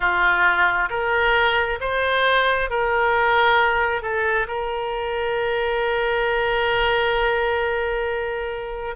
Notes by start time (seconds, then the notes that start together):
0.00 F4
0.90 A#4
1.80 C5
2.69 A#4
4.01 A4
4.47 A#4